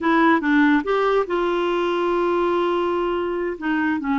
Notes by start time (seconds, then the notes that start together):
0.00 E4
0.40 D4
0.84 G4
1.26 F4
3.58 D#4
4.00 C#4